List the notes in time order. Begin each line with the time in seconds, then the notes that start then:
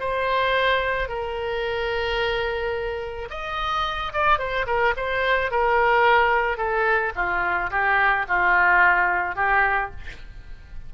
0.00 C5
1.09 A#4
3.31 D#5
4.13 D5
4.39 C5
4.67 A#4
4.97 C5
5.51 A#4
6.58 A4
7.16 F4
7.71 G4
8.28 F4
9.36 G4